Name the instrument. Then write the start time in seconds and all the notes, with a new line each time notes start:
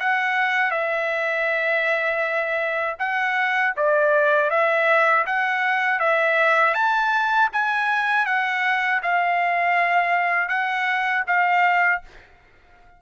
trumpet
0.00 F#5
0.71 E5
2.99 F#5
3.77 D5
4.50 E5
5.26 F#5
6.00 E5
6.74 A5
7.53 G#5
8.26 F#5
9.03 F5
10.49 F#5
11.27 F5